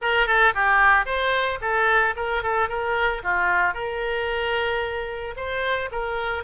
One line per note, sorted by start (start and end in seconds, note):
0.01 0.26 A#4
0.26 0.53 A4
0.54 1.05 G4
1.05 1.59 C5
1.61 2.14 A4
2.16 2.42 A#4
2.42 2.69 A4
2.69 3.22 A#4
3.23 3.74 F4
3.74 5.34 A#4
5.36 5.89 C5
5.91 6.43 A#4